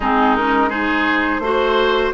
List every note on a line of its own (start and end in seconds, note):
0.00 1.39 G#3
0.00 0.37 C4
0.00 0.69 D#4
0.00 0.35 G#4
0.35 0.69 C#4
0.35 0.69 A#4
0.69 1.40 D#4
0.69 1.40 G#4
0.69 2.12 C5
1.39 2.10 A3
1.39 2.13 F#4
1.39 2.13 C5